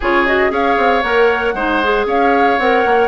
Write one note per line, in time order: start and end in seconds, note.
0.00 0.50 C#3
0.00 0.27 F4
0.00 0.51 G#4
0.00 0.26 C#5
0.26 0.50 F#4
0.26 0.52 D#5
0.50 0.76 C#4
0.50 1.01 G#4
0.50 1.54 C#5
0.50 1.02 F5
0.77 1.03 C4
1.02 1.53 A#3
1.02 1.54 A#4
1.02 2.06 F#5
1.53 2.05 G#3
1.53 1.82 D#4
1.53 2.06 C5
1.82 2.60 G#4
2.06 2.57 C#4
2.06 3.07 C#5
2.06 2.58 F5
2.58 2.84 C4
2.58 3.07 A#4
2.58 3.07 F#5
2.85 3.07 A#3